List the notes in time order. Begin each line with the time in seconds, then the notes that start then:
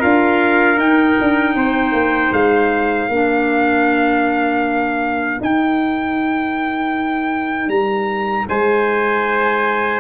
0.00 D4 F4 A#4 F5
0.77 D#4 G5
1.21 D4
1.56 C4 C5
1.92 A#3
2.32 G#3 F5
3.09 A#3 D4 A#4
5.41 D#4 G5
7.69 G3 A#5
8.49 G#3 C5 G#5